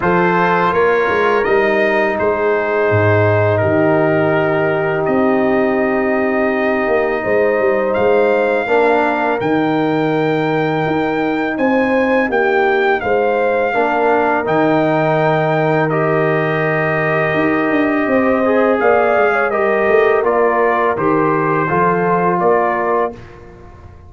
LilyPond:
<<
  \new Staff \with { instrumentName = "trumpet" } { \time 4/4 \tempo 4 = 83 c''4 cis''4 dis''4 c''4~ | c''4 ais'2 dis''4~ | dis''2. f''4~ | f''4 g''2. |
gis''4 g''4 f''2 | g''2 dis''2~ | dis''2 f''4 dis''4 | d''4 c''2 d''4 | }
  \new Staff \with { instrumentName = "horn" } { \time 4/4 a'4 ais'2 gis'4~ | gis'4 g'2.~ | g'2 c''2 | ais'1 |
c''4 g'4 c''4 ais'4~ | ais'1~ | ais'4 c''4 d''8. cis''16 ais'4~ | ais'2 a'4 ais'4 | }
  \new Staff \with { instrumentName = "trombone" } { \time 4/4 f'2 dis'2~ | dis'1~ | dis'1 | d'4 dis'2.~ |
dis'2. d'4 | dis'2 g'2~ | g'4. gis'4. g'4 | f'4 g'4 f'2 | }
  \new Staff \with { instrumentName = "tuba" } { \time 4/4 f4 ais8 gis8 g4 gis4 | gis,4 dis2 c'4~ | c'4. ais8 gis8 g8 gis4 | ais4 dis2 dis'4 |
c'4 ais4 gis4 ais4 | dis1 | dis'8 d'8 c'4 ais8 gis8 g8 a8 | ais4 dis4 f4 ais4 | }
>>